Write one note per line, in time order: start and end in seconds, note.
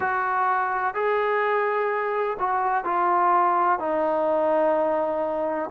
0.00 0.94 F#4
0.94 2.37 G#4
2.39 2.84 F#4
2.84 3.79 F4
3.79 5.69 D#4